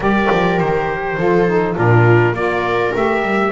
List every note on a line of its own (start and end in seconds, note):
0.00 0.27 G3
0.00 1.18 G4
0.00 1.16 A#4
0.00 0.59 D5
0.31 0.60 F3
0.59 1.17 D#3
0.59 1.76 C5
1.17 1.76 F3
1.17 1.47 F4
1.17 1.76 A4
1.47 1.75 D#4
1.75 2.32 A#2
1.75 2.33 D4
1.75 2.35 F4
1.75 2.35 A#4
2.32 2.91 A#3
2.32 2.93 F4
2.32 3.51 A#4
2.32 2.94 D5
2.93 3.21 A3
2.93 3.51 G4
2.93 3.51 E5
3.21 3.51 G3